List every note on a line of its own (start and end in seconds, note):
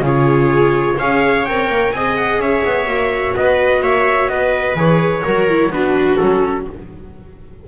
0.00 0.94 C#3
0.00 0.98 F4
0.00 0.97 G#4
0.07 0.99 C#5
0.97 1.48 C#4
0.97 1.46 G#4
0.97 1.91 C#5
0.97 1.45 F5
1.45 1.69 C4
1.45 1.95 A#4
1.45 1.92 G5
1.69 1.92 A#3
1.92 2.38 C4
1.92 2.86 G#4
1.92 2.41 D#5
1.92 2.16 G#5
2.17 2.40 F#5
2.38 2.62 C#4
2.38 3.35 C#5
2.38 3.35 E5
2.65 2.87 B3
2.86 3.34 A#3
2.86 4.75 F#4
3.36 3.82 B3
3.36 3.82 B4
3.36 3.83 D#5
3.82 4.28 A#3
3.82 4.30 C#5
3.82 4.29 E5
4.28 4.75 B3
4.28 5.24 B4
4.28 4.76 D#5
4.75 5.22 E3
4.75 5.23 G#4
4.75 5.73 C#5
5.24 5.70 F#3
5.24 5.49 F#4
5.24 5.71 A#4
5.49 5.72 E4
5.70 6.17 B3
5.70 6.19 D4
5.70 6.67 F#4
5.70 6.17 B4
6.17 6.67 F#3
6.17 6.68 C#4
6.17 6.64 A4